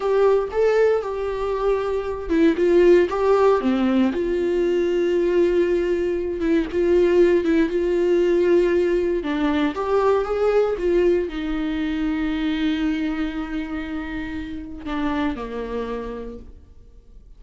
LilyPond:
\new Staff \with { instrumentName = "viola" } { \time 4/4 \tempo 4 = 117 g'4 a'4 g'2~ | g'8 e'8 f'4 g'4 c'4 | f'1~ | f'8 e'8 f'4. e'8 f'4~ |
f'2 d'4 g'4 | gis'4 f'4 dis'2~ | dis'1~ | dis'4 d'4 ais2 | }